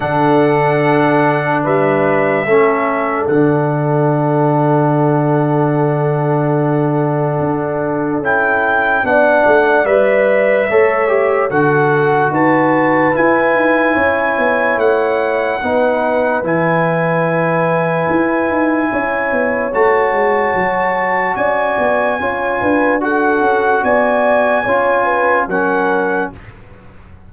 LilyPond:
<<
  \new Staff \with { instrumentName = "trumpet" } { \time 4/4 \tempo 4 = 73 fis''2 e''2 | fis''1~ | fis''2 g''4 fis''4 | e''2 fis''4 a''4 |
gis''2 fis''2 | gis''1 | a''2 gis''2 | fis''4 gis''2 fis''4 | }
  \new Staff \with { instrumentName = "horn" } { \time 4/4 a'2 b'4 a'4~ | a'1~ | a'2. d''4~ | d''4 cis''4 a'4 b'4~ |
b'4 cis''2 b'4~ | b'2. cis''4~ | cis''2 d''4 cis''8 b'8 | a'4 d''4 cis''8 b'8 ais'4 | }
  \new Staff \with { instrumentName = "trombone" } { \time 4/4 d'2. cis'4 | d'1~ | d'2 e'4 d'4 | b'4 a'8 g'8 fis'2 |
e'2. dis'4 | e'1 | fis'2. f'4 | fis'2 f'4 cis'4 | }
  \new Staff \with { instrumentName = "tuba" } { \time 4/4 d2 g4 a4 | d1~ | d4 d'4 cis'4 b8 a8 | g4 a4 d4 dis'4 |
e'8 dis'8 cis'8 b8 a4 b4 | e2 e'8 dis'8 cis'8 b8 | a8 gis8 fis4 cis'8 b8 cis'8 d'8~ | d'8 cis'8 b4 cis'4 fis4 | }
>>